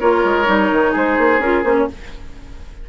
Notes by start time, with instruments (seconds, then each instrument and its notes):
0.00 bassoon A#3, clarinet F4, oboe A#4, flute C#5
0.24 bassoon G#3
0.45 bassoon G3, clarinet D#4
0.71 bassoon D#3
0.91 bassoon G#3, oboe G#4, flute C5
1.18 bassoon A#3
1.39 bassoon C#4, clarinet F4, flute A#4
1.63 bassoon A#3, clarinet C#4, flute C5
1.77 flute C#5